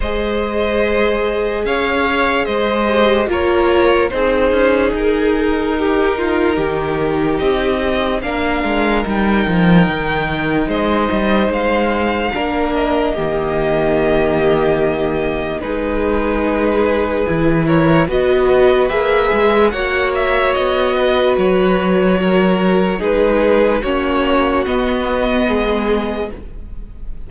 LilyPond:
<<
  \new Staff \with { instrumentName = "violin" } { \time 4/4 \tempo 4 = 73 dis''2 f''4 dis''4 | cis''4 c''4 ais'2~ | ais'4 dis''4 f''4 g''4~ | g''4 dis''4 f''4. dis''8~ |
dis''2. b'4~ | b'4. cis''8 dis''4 e''4 | fis''8 e''8 dis''4 cis''2 | b'4 cis''4 dis''2 | }
  \new Staff \with { instrumentName = "violin" } { \time 4/4 c''2 cis''4 c''4 | ais'4 gis'2 g'8 f'8 | g'2 ais'2~ | ais'4 c''2 ais'4 |
g'2. gis'4~ | gis'4. ais'8 b'2 | cis''4. b'4. ais'4 | gis'4 fis'2 gis'4 | }
  \new Staff \with { instrumentName = "viola" } { \time 4/4 gis'2.~ gis'8 g'8 | f'4 dis'2.~ | dis'2 d'4 dis'4~ | dis'2. d'4 |
ais2. dis'4~ | dis'4 e'4 fis'4 gis'4 | fis'1 | dis'4 cis'4 b2 | }
  \new Staff \with { instrumentName = "cello" } { \time 4/4 gis2 cis'4 gis4 | ais4 c'8 cis'8 dis'2 | dis4 c'4 ais8 gis8 g8 f8 | dis4 gis8 g8 gis4 ais4 |
dis2. gis4~ | gis4 e4 b4 ais8 gis8 | ais4 b4 fis2 | gis4 ais4 b4 gis4 | }
>>